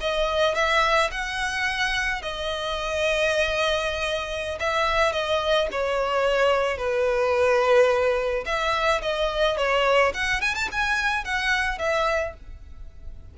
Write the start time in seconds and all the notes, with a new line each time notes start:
0.00 D#5
0.55 E5
1.11 F#5
2.22 D#5
4.59 E5
5.12 D#5
5.71 C#5
6.77 B4
8.45 E5
9.02 D#5
9.57 C#5
10.14 F#5
10.41 G#5
10.55 A5
10.71 G#5
11.24 F#5
11.78 E5